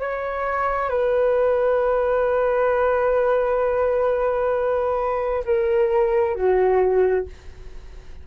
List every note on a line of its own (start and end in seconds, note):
0.00 0.89 C#5
0.89 5.44 B4
5.45 6.35 A#4
6.35 7.26 F#4